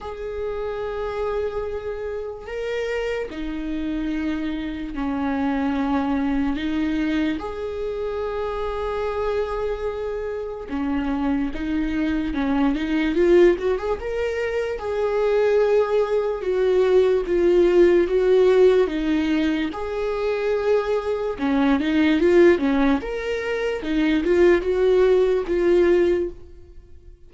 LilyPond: \new Staff \with { instrumentName = "viola" } { \time 4/4 \tempo 4 = 73 gis'2. ais'4 | dis'2 cis'2 | dis'4 gis'2.~ | gis'4 cis'4 dis'4 cis'8 dis'8 |
f'8 fis'16 gis'16 ais'4 gis'2 | fis'4 f'4 fis'4 dis'4 | gis'2 cis'8 dis'8 f'8 cis'8 | ais'4 dis'8 f'8 fis'4 f'4 | }